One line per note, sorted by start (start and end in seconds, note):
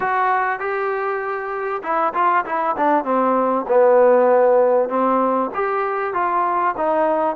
0.00 0.59 F#4
0.59 1.81 G4
1.82 2.13 E4
2.14 2.44 F4
2.45 2.75 E4
2.76 3.04 D4
3.04 3.65 C4
3.68 4.89 B3
4.89 5.50 C4
5.54 6.13 G4
6.13 6.74 F4
6.77 7.36 D#4